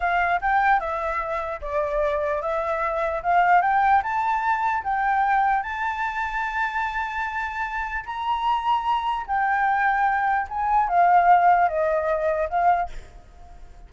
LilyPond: \new Staff \with { instrumentName = "flute" } { \time 4/4 \tempo 4 = 149 f''4 g''4 e''2 | d''2 e''2 | f''4 g''4 a''2 | g''2 a''2~ |
a''1 | ais''2. g''4~ | g''2 gis''4 f''4~ | f''4 dis''2 f''4 | }